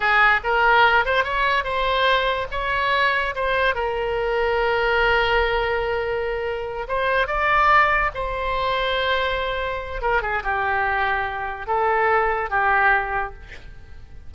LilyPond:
\new Staff \with { instrumentName = "oboe" } { \time 4/4 \tempo 4 = 144 gis'4 ais'4. c''8 cis''4 | c''2 cis''2 | c''4 ais'2.~ | ais'1~ |
ais'8 c''4 d''2 c''8~ | c''1 | ais'8 gis'8 g'2. | a'2 g'2 | }